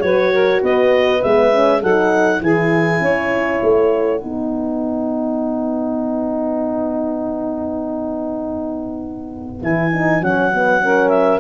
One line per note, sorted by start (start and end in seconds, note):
0.00 0.61 F#3
0.00 1.20 F#4
0.00 0.33 B4
0.00 0.61 C#5
0.33 0.62 A#4
0.62 1.23 B3
0.62 1.80 B4
0.62 1.22 D#5
1.22 1.83 G#3
1.22 1.52 B3
1.22 1.82 E5
1.52 1.82 C#4
1.80 2.41 F#3
1.80 2.42 D#4
1.80 2.40 A4
1.80 2.43 F#5
2.41 3.00 E3
2.41 4.21 E4
2.41 3.02 G#4
2.41 3.61 G#5
3.00 3.60 C#4
3.00 4.20 C#5
3.61 4.23 A3
3.61 9.61 F#5
4.20 9.62 B3
4.20 9.61 D#4
4.20 10.80 B4
9.62 10.21 E3
9.62 9.92 E4
9.62 10.23 G#5
9.93 10.22 D#4
10.21 11.40 F#3
10.21 10.52 C#4
10.21 11.09 F#5
10.54 10.80 B3
10.80 11.40 C#4
10.80 11.40 A#4
11.09 11.39 E5